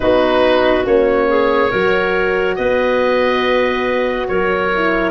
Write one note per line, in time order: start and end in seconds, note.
0.00 0.86 B3
0.00 0.85 D#4
0.00 1.29 F#4
0.00 0.86 B4
0.85 1.71 A#3
0.85 1.71 C#4
0.85 2.55 C#5
1.29 1.71 G#4
1.71 2.57 F#3
1.71 4.72 F#4
1.71 2.56 A#4
2.55 4.29 B3
2.55 4.28 B4
2.55 4.27 D#5
4.27 5.11 F#3
4.27 5.11 A#4
4.27 5.11 C#5
4.74 5.11 E4